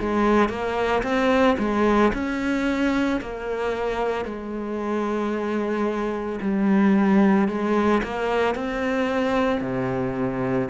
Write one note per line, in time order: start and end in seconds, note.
0.00 0.49 G#3
0.49 1.03 A#3
1.03 1.57 C4
1.59 2.12 G#3
2.14 3.21 C#4
3.21 4.25 A#3
4.25 6.39 G#3
6.41 7.49 G3
7.49 8.02 G#3
8.04 8.55 A#3
8.55 9.61 C4
9.61 10.69 C3